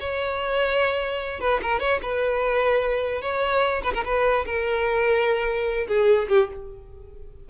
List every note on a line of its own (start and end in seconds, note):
0.00 1.40 C#5
1.40 1.61 B4
1.63 1.80 A#4
1.80 2.00 C#5
2.03 3.22 B4
3.22 3.82 C#5
3.83 3.93 B4
3.94 4.04 A#4
4.05 4.45 B4
4.46 5.87 A#4
5.88 6.28 G#4
6.29 6.49 G4